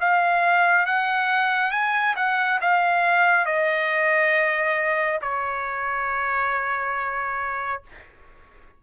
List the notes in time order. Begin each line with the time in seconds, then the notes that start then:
0.00 F5
0.86 F#5
1.71 G#5
2.15 F#5
2.61 F5
3.45 D#5
5.21 C#5